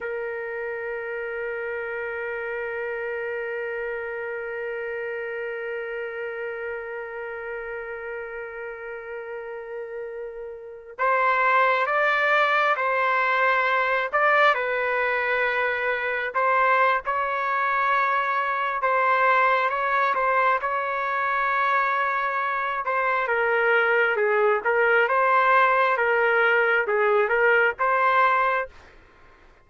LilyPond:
\new Staff \with { instrumentName = "trumpet" } { \time 4/4 \tempo 4 = 67 ais'1~ | ais'1~ | ais'1~ | ais'16 c''4 d''4 c''4. d''16~ |
d''16 b'2 c''8. cis''4~ | cis''4 c''4 cis''8 c''8 cis''4~ | cis''4. c''8 ais'4 gis'8 ais'8 | c''4 ais'4 gis'8 ais'8 c''4 | }